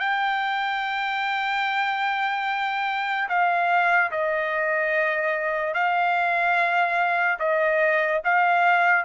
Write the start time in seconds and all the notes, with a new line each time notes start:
0.00 G5
3.29 F5
4.12 D#5
5.75 F5
7.40 D#5
8.25 F5